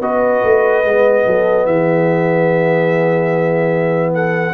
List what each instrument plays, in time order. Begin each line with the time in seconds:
0.00 tuba B3, trombone F#4, horn B4, trumpet D#5
0.43 tuba A3
0.84 tuba G#3, trombone B3
1.25 tuba F#3, horn A4
1.65 tuba E3, horn G#4, trumpet E5
4.13 horn A4, trumpet F#5